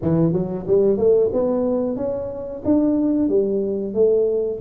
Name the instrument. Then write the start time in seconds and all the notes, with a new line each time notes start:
tuba
0.02 E3
0.32 F#3
0.67 G3
0.97 A3
1.32 B3
1.96 C#4
2.64 D4
3.28 G3
3.94 A3